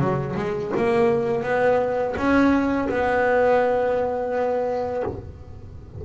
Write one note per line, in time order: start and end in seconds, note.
0.00 0.36 F#3
0.37 0.72 G#3
0.77 1.44 A#3
1.44 2.15 B3
2.18 2.89 C#4
2.89 5.04 B3